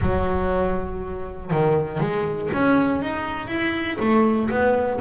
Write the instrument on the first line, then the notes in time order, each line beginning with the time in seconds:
double bass
0.01 F#3
1.50 D#3
2.00 G#3
2.52 C#4
3.01 D#4
3.47 E4
3.99 A3
4.50 B3